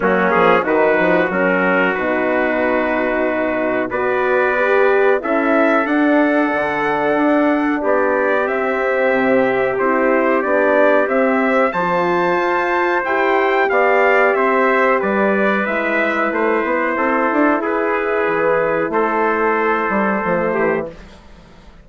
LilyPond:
<<
  \new Staff \with { instrumentName = "trumpet" } { \time 4/4 \tempo 4 = 92 fis'8 gis'8 b'4 ais'4 b'4~ | b'2 d''2 | e''4 fis''2. | d''4 e''2 c''4 |
d''4 e''4 a''2 | g''4 f''4 e''4 d''4 | e''4 c''2 b'4~ | b'4 c''2. | }
  \new Staff \with { instrumentName = "trumpet" } { \time 4/4 cis'4 fis'2.~ | fis'2 b'2 | a'1 | g'1~ |
g'2 c''2~ | c''4 d''4 c''4 b'4~ | b'2 a'4 gis'4~ | gis'4 a'2~ a'8 g'8 | }
  \new Staff \with { instrumentName = "horn" } { \time 4/4 ais4 dis'4 cis'4 dis'4~ | dis'2 fis'4 g'4 | e'4 d'2.~ | d'4 c'2 e'4 |
d'4 c'4 f'2 | g'1 | e'1~ | e'2. a4 | }
  \new Staff \with { instrumentName = "bassoon" } { \time 4/4 fis8 f8 dis8 f8 fis4 b,4~ | b,2 b2 | cis'4 d'4 d4 d'4 | b4 c'4 c4 c'4 |
b4 c'4 f4 f'4 | e'4 b4 c'4 g4 | gis4 a8 b8 c'8 d'8 e'4 | e4 a4. g8 f8 e8 | }
>>